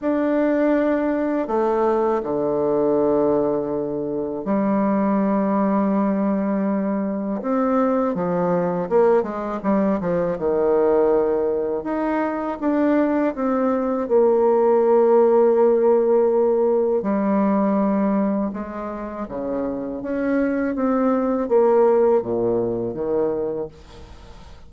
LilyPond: \new Staff \with { instrumentName = "bassoon" } { \time 4/4 \tempo 4 = 81 d'2 a4 d4~ | d2 g2~ | g2 c'4 f4 | ais8 gis8 g8 f8 dis2 |
dis'4 d'4 c'4 ais4~ | ais2. g4~ | g4 gis4 cis4 cis'4 | c'4 ais4 ais,4 dis4 | }